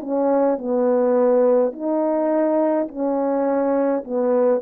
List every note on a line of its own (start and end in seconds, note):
0.00 0.58 C#4
0.58 1.73 B3
1.73 2.88 D#4
2.88 4.04 C#4
4.04 4.62 B3